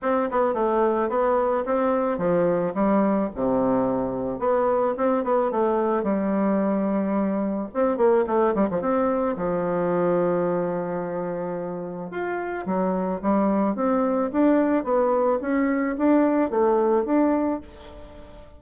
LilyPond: \new Staff \with { instrumentName = "bassoon" } { \time 4/4 \tempo 4 = 109 c'8 b8 a4 b4 c'4 | f4 g4 c2 | b4 c'8 b8 a4 g4~ | g2 c'8 ais8 a8 g16 f16 |
c'4 f2.~ | f2 f'4 fis4 | g4 c'4 d'4 b4 | cis'4 d'4 a4 d'4 | }